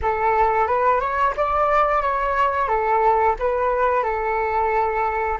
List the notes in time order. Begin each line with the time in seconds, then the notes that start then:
0.02 A4
0.67 B4
1.00 C#5
1.37 D5
2.01 C#5
2.68 A4
3.39 B4
4.03 A4